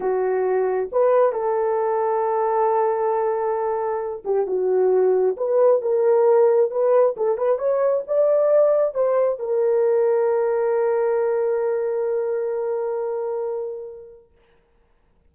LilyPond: \new Staff \with { instrumentName = "horn" } { \time 4/4 \tempo 4 = 134 fis'2 b'4 a'4~ | a'1~ | a'4. g'8 fis'2 | b'4 ais'2 b'4 |
a'8 b'8 cis''4 d''2 | c''4 ais'2.~ | ais'1~ | ais'1 | }